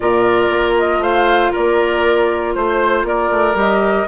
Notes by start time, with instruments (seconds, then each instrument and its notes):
0.00 bassoon A#2, clarinet F4, oboe A#4, flute D5
0.49 bassoon A#3
0.78 flute D#5
0.99 bassoon A3, oboe C5, flute F5
1.51 bassoon A#3, oboe A#4, flute D5
2.54 bassoon A3, flute C5, oboe C5
3.03 bassoon A#3, oboe A#4, flute D5
3.31 bassoon A3
3.54 bassoon G3, clarinet G4, flute D#5